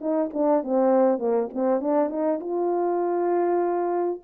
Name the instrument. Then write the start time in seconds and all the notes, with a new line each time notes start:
horn
0.00 D#4
0.33 D4
0.63 C4
1.18 A#3
1.53 C4
1.80 D4
2.09 D#4
2.40 F4